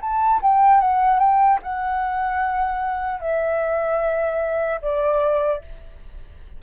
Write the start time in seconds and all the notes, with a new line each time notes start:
0.00 A5
0.42 G5
0.80 F#5
1.19 G5
1.62 F#5
3.20 E5
4.81 D5